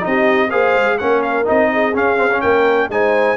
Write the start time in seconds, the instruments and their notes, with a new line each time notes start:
0.00 tuba C4, trombone D#4, trumpet D#5
0.07 horn G4
0.50 tuba A#3, trombone G#4, horn C5, trumpet F5
0.76 tuba G#3
0.98 tuba A#3, trombone C#4, horn A#4, trumpet F#5
1.22 trumpet F5
1.45 tuba C4, trombone D#4, trumpet D#5
1.72 horn G#4
1.94 trombone C#4, tuba C#4, trumpet F5
2.16 trombone C4
2.32 trombone C#4
2.41 tuba A#3, horn A#4, trumpet G5
2.89 tuba G#3, trombone D#4, horn C5, trumpet G#5